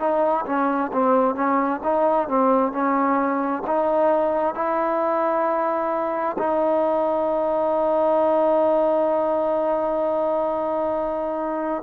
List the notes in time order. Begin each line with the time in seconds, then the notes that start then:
0.00 D#4
0.46 C#4
0.93 C4
1.36 C#4
1.84 D#4
2.29 C4
2.73 C#4
3.67 D#4
4.55 E4
6.39 D#4